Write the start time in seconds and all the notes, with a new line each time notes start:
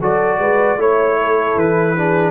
0.00 F#3 F#4 A4 D5
0.39 G#3 B4
0.77 A3 E4 C#5
1.21 A4
1.56 E3 B4
1.96 D4 G#4